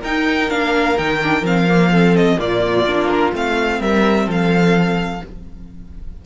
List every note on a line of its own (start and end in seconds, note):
0.00 0.50 D#4
0.00 0.49 D#4
0.00 1.89 A#4
0.00 0.50 G5
0.49 0.98 A#3
0.49 0.96 D4
0.49 0.97 F5
0.97 1.42 D#3
0.97 1.21 D#4
0.97 1.44 G5
1.22 1.43 D4
1.42 2.36 F3
1.42 1.67 C4
1.42 2.15 F5
1.68 1.92 A#3
1.91 2.37 C4
1.91 2.38 A4
2.15 2.39 D#5
2.37 2.85 A#2
2.37 2.85 A#3
2.37 3.79 F4
2.37 3.08 D5
2.85 3.32 A#3
2.85 3.32 D4
3.08 3.31 A#4
3.32 3.80 A3
3.32 5.21 C4
3.32 3.81 F5
3.79 4.26 G3
3.79 4.25 A#4
3.79 4.28 E5
4.25 5.21 F3
4.25 5.20 A4
4.25 5.25 F5